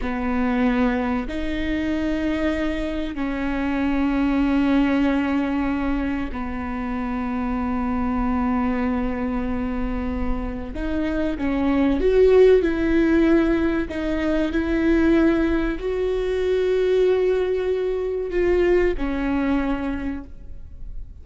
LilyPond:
\new Staff \with { instrumentName = "viola" } { \time 4/4 \tempo 4 = 95 b2 dis'2~ | dis'4 cis'2.~ | cis'2 b2~ | b1~ |
b4 dis'4 cis'4 fis'4 | e'2 dis'4 e'4~ | e'4 fis'2.~ | fis'4 f'4 cis'2 | }